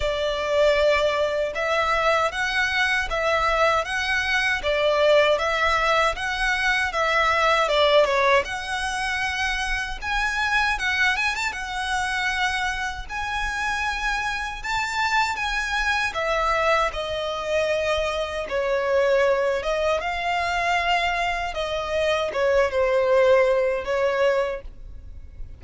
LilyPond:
\new Staff \with { instrumentName = "violin" } { \time 4/4 \tempo 4 = 78 d''2 e''4 fis''4 | e''4 fis''4 d''4 e''4 | fis''4 e''4 d''8 cis''8 fis''4~ | fis''4 gis''4 fis''8 gis''16 a''16 fis''4~ |
fis''4 gis''2 a''4 | gis''4 e''4 dis''2 | cis''4. dis''8 f''2 | dis''4 cis''8 c''4. cis''4 | }